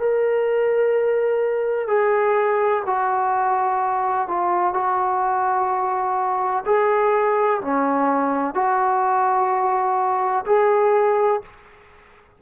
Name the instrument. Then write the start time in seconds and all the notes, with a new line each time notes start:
trombone
0.00 A#4
1.88 G#4
2.86 F#4
4.28 F4
4.74 F#4
6.66 G#4
7.61 C#4
8.55 F#4
10.47 G#4